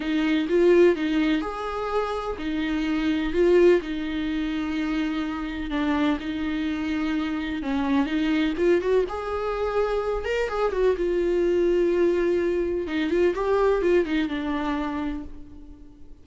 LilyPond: \new Staff \with { instrumentName = "viola" } { \time 4/4 \tempo 4 = 126 dis'4 f'4 dis'4 gis'4~ | gis'4 dis'2 f'4 | dis'1 | d'4 dis'2. |
cis'4 dis'4 f'8 fis'8 gis'4~ | gis'4. ais'8 gis'8 fis'8 f'4~ | f'2. dis'8 f'8 | g'4 f'8 dis'8 d'2 | }